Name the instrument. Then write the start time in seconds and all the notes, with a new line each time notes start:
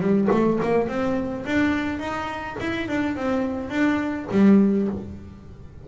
double bass
0.00 G3
0.31 A3
0.63 A#3
0.88 C4
1.45 D4
1.99 D#4
2.60 E4
2.88 D4
3.16 C4
3.69 D4
4.31 G3